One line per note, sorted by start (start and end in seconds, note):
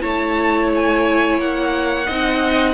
0.00 1.38 A3
0.00 2.05 E4
0.00 2.06 C#5
0.00 0.69 A5
0.74 1.40 G#5
1.38 2.06 A#3
1.38 2.74 F#5
2.06 2.74 C4
2.06 2.74 D#4
2.06 2.74 D#5